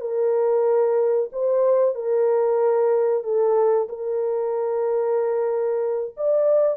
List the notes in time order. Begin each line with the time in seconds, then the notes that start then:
0.00 A#4
1.32 C5
1.94 A#4
3.23 A4
3.89 A#4
6.16 D5